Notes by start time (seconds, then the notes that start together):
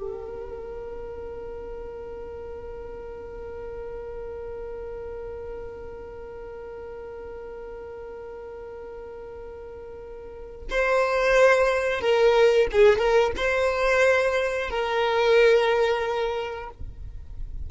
0.00 A#4
10.70 C5
12.00 A#4
12.72 G#4
12.98 A#4
13.37 C5
14.69 A#4